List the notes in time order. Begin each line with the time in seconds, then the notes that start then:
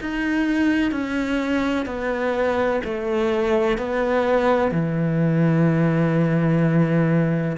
0.00 D#4
0.91 C#4
1.86 B3
2.84 A3
3.77 B3
4.71 E3